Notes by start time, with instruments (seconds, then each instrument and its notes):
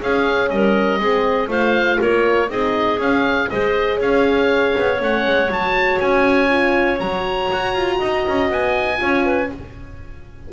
0.00 horn C#4, double bass C#4, clarinet G#4, oboe F5
0.49 double bass G3, clarinet A#4, oboe D#5
0.99 double bass G#3, horn C4, clarinet G#4
1.47 double bass A3, horn F4, clarinet C5, oboe F5
1.99 double bass A#3, clarinet A#4, oboe C#5
2.48 double bass C4, horn D#4, clarinet G#4, oboe D#5
2.98 horn C#4, double bass C#4, oboe F5
3.49 double bass G#3, horn G#4, clarinet C5, oboe D#5
3.97 double bass C#4, clarinet C#5, oboe F5
4.78 double bass B3
4.98 double bass A3, horn C#4, oboe F#5
5.26 double bass G#3
5.48 double bass F#3, horn F#4, oboe A5
6.00 double bass C#4, oboe G#5
6.49 horn F4
6.99 double bass F#3, horn F#4, oboe A#5
7.52 double bass F#4
7.75 double bass F4
7.98 double bass D#4, clarinet D#5
8.27 double bass C#4
8.50 double bass B3, oboe G#5
8.97 double bass C#4, horn F4, clarinet C#5
9.24 clarinet B4